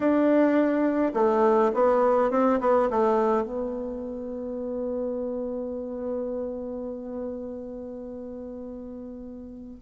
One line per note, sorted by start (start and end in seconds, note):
0.00 1.12 D4
1.14 1.72 A3
1.74 2.31 B3
2.31 2.59 C4
2.60 2.89 B3
2.90 3.43 A3
3.43 9.77 B3